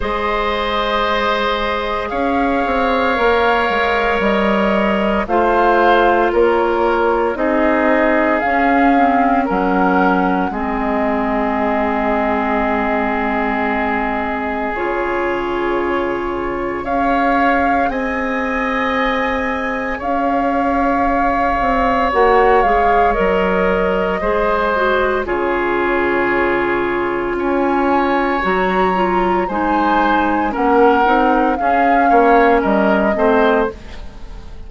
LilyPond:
<<
  \new Staff \with { instrumentName = "flute" } { \time 4/4 \tempo 4 = 57 dis''2 f''2 | dis''4 f''4 cis''4 dis''4 | f''4 fis''4 dis''2~ | dis''2 cis''2 |
f''4 gis''2 f''4~ | f''4 fis''8 f''8 dis''2 | cis''2 gis''4 ais''4 | gis''4 fis''4 f''4 dis''4 | }
  \new Staff \with { instrumentName = "oboe" } { \time 4/4 c''2 cis''2~ | cis''4 c''4 ais'4 gis'4~ | gis'4 ais'4 gis'2~ | gis'1 |
cis''4 dis''2 cis''4~ | cis''2. c''4 | gis'2 cis''2 | c''4 ais'4 gis'8 cis''8 ais'8 c''8 | }
  \new Staff \with { instrumentName = "clarinet" } { \time 4/4 gis'2. ais'4~ | ais'4 f'2 dis'4 | cis'8 c'8 cis'4 c'2~ | c'2 f'2 |
gis'1~ | gis'4 fis'8 gis'8 ais'4 gis'8 fis'8 | f'2. fis'8 f'8 | dis'4 cis'8 dis'8 cis'4. c'8 | }
  \new Staff \with { instrumentName = "bassoon" } { \time 4/4 gis2 cis'8 c'8 ais8 gis8 | g4 a4 ais4 c'4 | cis'4 fis4 gis2~ | gis2 cis2 |
cis'4 c'2 cis'4~ | cis'8 c'8 ais8 gis8 fis4 gis4 | cis2 cis'4 fis4 | gis4 ais8 c'8 cis'8 ais8 g8 a8 | }
>>